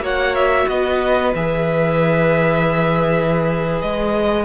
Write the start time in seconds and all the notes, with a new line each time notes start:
0.00 A#3 F#4 C#5 F#5
0.36 E5
0.68 B3 B4 D#5
1.35 E3 G#4 E5
3.82 G#3 D#5